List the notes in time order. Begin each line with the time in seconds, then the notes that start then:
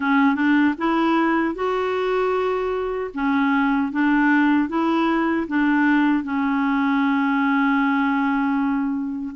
0.00 C#4
0.35 D4
0.78 E4
1.54 F#4
3.14 C#4
3.92 D4
4.69 E4
5.47 D4
6.23 C#4